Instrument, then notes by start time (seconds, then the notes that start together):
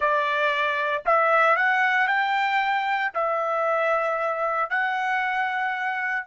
trumpet
0.00 D5
1.05 E5
1.56 F#5
2.07 G5
3.14 E5
4.70 F#5